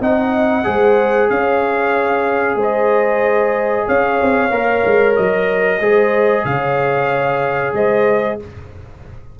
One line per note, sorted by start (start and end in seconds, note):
0.00 0.65 C4
0.00 0.63 D#4
0.00 0.65 D#5
0.00 1.29 F#5
0.63 1.30 G#3
0.63 4.50 G#4
0.63 1.30 C5
1.29 2.56 C#4
1.29 2.57 C#5
1.29 2.58 F5
2.56 3.85 G#3
2.56 3.86 C5
2.62 3.88 D#5
3.86 4.21 C#4
3.86 5.79 C#5
3.86 5.16 F5
4.21 4.50 C4
4.50 4.83 A#3
4.50 5.80 A#4
4.85 5.17 G#3
5.16 5.80 F#3
5.16 6.45 D#5
5.80 6.44 G#3
5.80 8.39 G#4
5.80 6.45 C5
6.45 7.73 C#3
6.45 7.75 C#5
6.45 7.74 F5
7.73 8.37 G#3
7.73 8.40 C5
7.73 8.39 D#5